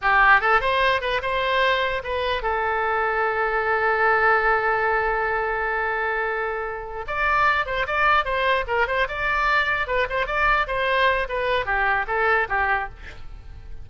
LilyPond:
\new Staff \with { instrumentName = "oboe" } { \time 4/4 \tempo 4 = 149 g'4 a'8 c''4 b'8 c''4~ | c''4 b'4 a'2~ | a'1~ | a'1~ |
a'4. d''4. c''8 d''8~ | d''8 c''4 ais'8 c''8 d''4.~ | d''8 b'8 c''8 d''4 c''4. | b'4 g'4 a'4 g'4 | }